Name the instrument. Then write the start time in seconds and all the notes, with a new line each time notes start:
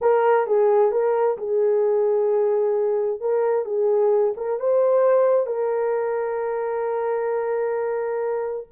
horn
0.01 A#4
0.46 G#4
0.91 A#4
1.37 G#4
3.20 A#4
3.65 G#4
4.36 A#4
4.59 C5
5.46 A#4